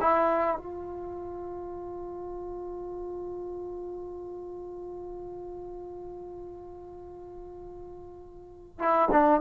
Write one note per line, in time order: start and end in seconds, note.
0.00 0.57 E4
0.57 8.79 F4
8.79 9.09 E4
9.11 9.40 D4